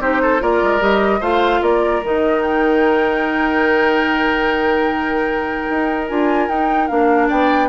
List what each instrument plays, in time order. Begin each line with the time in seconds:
0.00 bassoon C4, clarinet D#4, oboe G4, flute C5
0.23 oboe A4
0.40 bassoon A#3, clarinet F4, oboe A#4, flute D5
0.63 bassoon G#3
0.81 bassoon G3, clarinet G4, flute D#5
1.21 bassoon A3, clarinet F4, oboe C5, flute F5
1.62 bassoon A#3, oboe A#4, flute D5
2.04 bassoon D#3, clarinet D#4, flute D#5
2.43 flute G5
5.70 bassoon D#4
6.08 bassoon D4, clarinet F4, flute G#5
6.49 bassoon D#4, clarinet D#4, flute G5
6.88 bassoon A#3, clarinet D4, flute F5
7.28 bassoon B3, oboe D5, flute G5